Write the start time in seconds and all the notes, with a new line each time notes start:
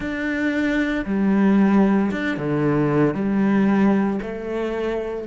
0.00 D4
1.05 G3
2.11 D4
2.37 D3
3.14 G3
4.22 A3